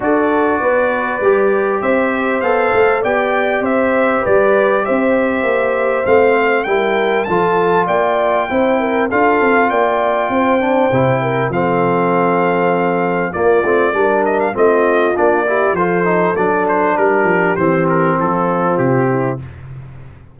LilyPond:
<<
  \new Staff \with { instrumentName = "trumpet" } { \time 4/4 \tempo 4 = 99 d''2. e''4 | f''4 g''4 e''4 d''4 | e''2 f''4 g''4 | a''4 g''2 f''4 |
g''2. f''4~ | f''2 d''4. dis''16 f''16 | dis''4 d''4 c''4 d''8 c''8 | ais'4 c''8 ais'8 a'4 g'4 | }
  \new Staff \with { instrumentName = "horn" } { \time 4/4 a'4 b'2 c''4~ | c''4 d''4 c''4 b'4 | c''2. ais'4 | a'4 d''4 c''8 ais'8 a'4 |
d''4 c''4. ais'8 a'4~ | a'2 f'4 ais'4 | f'4. g'8 a'2 | g'2 f'4. e'8 | }
  \new Staff \with { instrumentName = "trombone" } { \time 4/4 fis'2 g'2 | a'4 g'2.~ | g'2 c'4 e'4 | f'2 e'4 f'4~ |
f'4. d'8 e'4 c'4~ | c'2 ais8 c'8 d'4 | c'4 d'8 e'8 f'8 dis'8 d'4~ | d'4 c'2. | }
  \new Staff \with { instrumentName = "tuba" } { \time 4/4 d'4 b4 g4 c'4 | b8 a8 b4 c'4 g4 | c'4 ais4 a4 g4 | f4 ais4 c'4 d'8 c'8 |
ais4 c'4 c4 f4~ | f2 ais8 a8 g4 | a4 ais4 f4 fis4 | g8 f8 e4 f4 c4 | }
>>